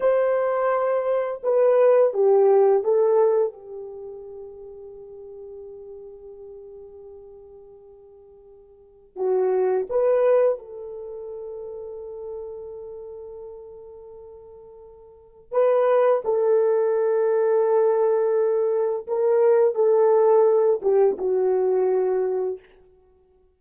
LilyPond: \new Staff \with { instrumentName = "horn" } { \time 4/4 \tempo 4 = 85 c''2 b'4 g'4 | a'4 g'2.~ | g'1~ | g'4 fis'4 b'4 a'4~ |
a'1~ | a'2 b'4 a'4~ | a'2. ais'4 | a'4. g'8 fis'2 | }